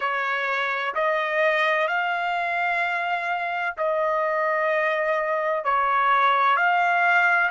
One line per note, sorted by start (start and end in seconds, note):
0.00 0.94 C#5
0.95 1.87 D#5
1.87 3.75 F5
3.77 5.64 D#5
5.64 6.56 C#5
6.56 7.50 F5